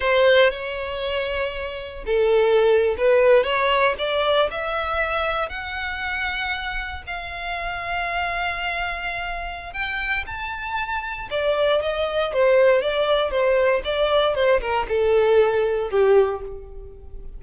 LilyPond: \new Staff \with { instrumentName = "violin" } { \time 4/4 \tempo 4 = 117 c''4 cis''2. | a'4.~ a'16 b'4 cis''4 d''16~ | d''8. e''2 fis''4~ fis''16~ | fis''4.~ fis''16 f''2~ f''16~ |
f''2. g''4 | a''2 d''4 dis''4 | c''4 d''4 c''4 d''4 | c''8 ais'8 a'2 g'4 | }